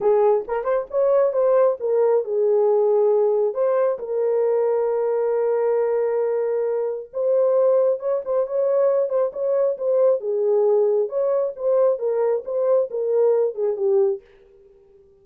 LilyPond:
\new Staff \with { instrumentName = "horn" } { \time 4/4 \tempo 4 = 135 gis'4 ais'8 c''8 cis''4 c''4 | ais'4 gis'2. | c''4 ais'2.~ | ais'1 |
c''2 cis''8 c''8 cis''4~ | cis''8 c''8 cis''4 c''4 gis'4~ | gis'4 cis''4 c''4 ais'4 | c''4 ais'4. gis'8 g'4 | }